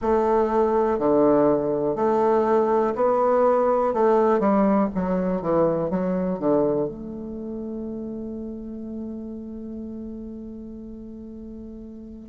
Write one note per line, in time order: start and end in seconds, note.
0.01 0.98 A3
0.98 1.95 D3
1.95 2.93 A3
2.95 3.93 B3
3.93 4.39 A3
4.39 4.89 G3
4.94 5.41 F#3
5.41 5.90 E3
5.90 6.39 F#3
6.39 6.88 D3
6.88 12.29 A3